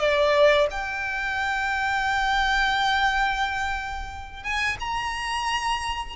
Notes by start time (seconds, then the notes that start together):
0.00 D5
0.71 G5
4.44 G#5
4.80 A#5